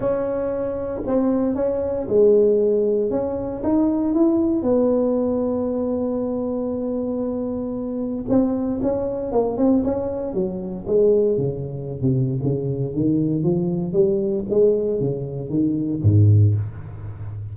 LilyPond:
\new Staff \with { instrumentName = "tuba" } { \time 4/4 \tempo 4 = 116 cis'2 c'4 cis'4 | gis2 cis'4 dis'4 | e'4 b2.~ | b1 |
c'4 cis'4 ais8 c'8 cis'4 | fis4 gis4 cis4~ cis16 c8. | cis4 dis4 f4 g4 | gis4 cis4 dis4 gis,4 | }